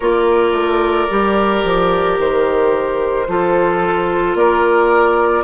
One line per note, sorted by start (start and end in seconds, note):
0.00 0.52 A#3
0.00 1.09 F4
0.00 3.27 A#4
0.00 2.17 D5
0.52 1.07 A3
1.09 1.64 G3
1.09 3.27 G4
1.64 2.18 F3
2.18 3.27 D#3
2.18 4.36 C5
3.27 4.34 F3
3.27 5.44 F4
3.27 4.37 A4
4.34 5.43 A#3
4.34 5.44 A#4
4.34 5.44 D5